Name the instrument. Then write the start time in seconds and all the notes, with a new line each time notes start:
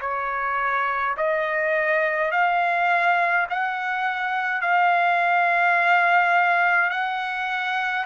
trumpet
0.00 C#5
1.17 D#5
2.31 F5
3.49 F#5
4.62 F5
6.90 F#5